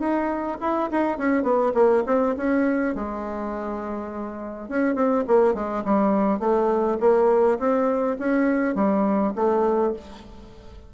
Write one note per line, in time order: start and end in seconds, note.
0.00 0.58 D#4
0.61 0.90 E4
0.91 1.18 D#4
1.18 1.43 C#4
1.43 1.72 B3
1.74 2.04 A#3
2.07 2.36 C4
2.38 2.95 C#4
2.95 4.69 G#3
4.69 4.95 C#4
4.95 5.25 C4
5.28 5.55 A#3
5.55 5.84 G#3
5.85 6.40 G3
6.40 6.98 A3
7.01 7.59 A#3
7.59 8.17 C4
8.20 8.75 C#4
8.75 9.34 G3
9.36 9.94 A3